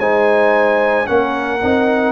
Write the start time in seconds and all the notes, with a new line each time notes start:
0.00 G#3 D#4 C5 G#5
1.06 A#3 C#4 A#4 F#5
1.62 C4 D#4